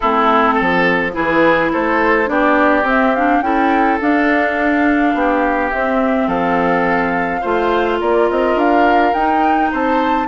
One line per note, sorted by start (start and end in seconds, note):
0.00 0.60 A3
0.00 1.12 C4
0.00 0.54 E4
0.00 1.13 A4
0.54 1.11 A4
0.60 1.15 F3
1.12 1.72 E3
1.12 2.26 E4
1.12 1.71 G#4
1.12 1.72 B4
1.72 2.28 A3
1.72 2.29 A4
1.72 2.29 C5
2.26 2.83 B3
2.26 2.83 D4
2.26 3.44 G4
2.26 2.86 D5
2.83 3.40 C4
2.83 3.13 C4
2.83 3.15 E5
3.15 3.42 D4
3.15 3.41 F5
3.41 3.98 C#4
3.41 4.00 E4
3.41 5.16 A4
3.41 3.98 G5
4.00 5.72 D4
4.00 5.14 D4
4.00 5.71 F5
5.14 5.71 B3
5.14 6.27 G4
5.71 7.42 C4
5.71 6.27 C4
5.71 6.27 E5
6.27 7.41 F3
6.27 7.41 A4
6.27 7.99 F5
7.41 8.00 A3
7.41 9.13 F4
7.41 7.98 C5
8.00 8.29 A#3
8.00 9.71 A#4
8.00 8.29 D5
8.30 8.55 C4
8.30 8.58 D#5
8.55 9.12 D4
8.55 9.13 F5
9.13 9.71 D#4
9.13 10.27 D#4
9.13 9.70 G5
9.71 10.27 C4
9.71 10.27 C5
9.71 10.27 A5